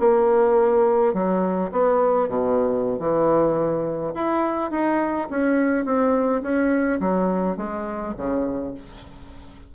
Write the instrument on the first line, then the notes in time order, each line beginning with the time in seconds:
bassoon
0.00 A#3
1.14 F#3
1.72 B3
2.28 B2
2.99 E3
4.15 E4
4.71 D#4
5.30 C#4
5.85 C4
6.43 C#4
7.00 F#3
7.57 G#3
8.17 C#3